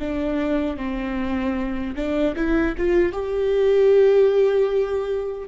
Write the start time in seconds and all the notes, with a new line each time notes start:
0.00 D4
0.77 C4
1.96 D4
2.36 E4
2.78 F4
3.13 G4